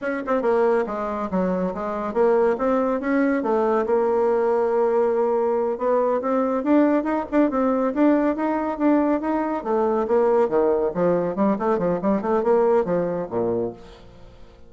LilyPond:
\new Staff \with { instrumentName = "bassoon" } { \time 4/4 \tempo 4 = 140 cis'8 c'8 ais4 gis4 fis4 | gis4 ais4 c'4 cis'4 | a4 ais2.~ | ais4. b4 c'4 d'8~ |
d'8 dis'8 d'8 c'4 d'4 dis'8~ | dis'8 d'4 dis'4 a4 ais8~ | ais8 dis4 f4 g8 a8 f8 | g8 a8 ais4 f4 ais,4 | }